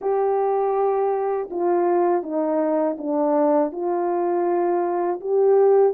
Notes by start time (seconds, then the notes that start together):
0.01 G4
1.50 F4
2.22 D#4
2.98 D4
3.71 F4
5.20 G4